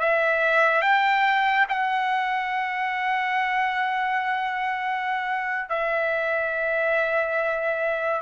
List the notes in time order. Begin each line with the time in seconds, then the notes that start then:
0.00 E5
0.82 G5
1.69 F#5
5.69 E5